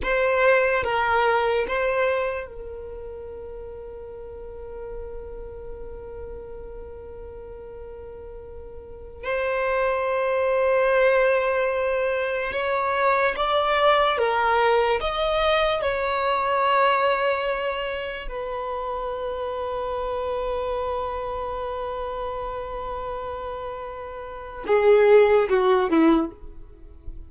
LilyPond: \new Staff \with { instrumentName = "violin" } { \time 4/4 \tempo 4 = 73 c''4 ais'4 c''4 ais'4~ | ais'1~ | ais'2.~ ais'16 c''8.~ | c''2.~ c''16 cis''8.~ |
cis''16 d''4 ais'4 dis''4 cis''8.~ | cis''2~ cis''16 b'4.~ b'16~ | b'1~ | b'2 gis'4 fis'8 e'8 | }